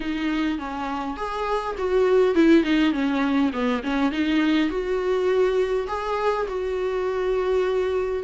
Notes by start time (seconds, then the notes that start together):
0.00 D#4
0.58 C#4
1.17 G#4
1.78 F#4
2.34 E4
2.63 D#4
2.92 C#4
3.52 B3
3.83 C#4
4.11 D#4
4.69 F#4
5.87 G#4
6.47 F#4